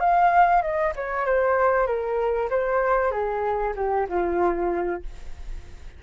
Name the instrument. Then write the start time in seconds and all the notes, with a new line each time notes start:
flute
0.00 F5
0.62 D#5
0.96 C#5
1.26 C5
1.87 A#4
2.50 C5
3.11 G#4
3.76 G4
4.09 F4